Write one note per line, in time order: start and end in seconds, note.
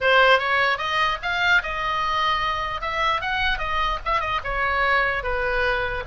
0.00 0.39 C5
0.39 0.77 C#5
0.77 1.18 D#5
1.22 1.62 F5
1.63 2.81 D#5
2.81 3.21 E5
3.21 3.58 F#5
3.58 3.98 D#5
4.05 4.20 E5
4.20 4.40 D#5
4.43 5.23 C#5
5.23 6.03 B4